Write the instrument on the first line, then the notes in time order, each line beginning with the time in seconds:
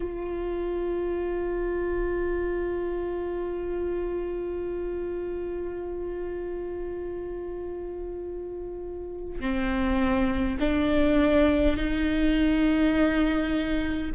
viola
0.00 F4
9.40 C4
10.59 D4
11.76 D#4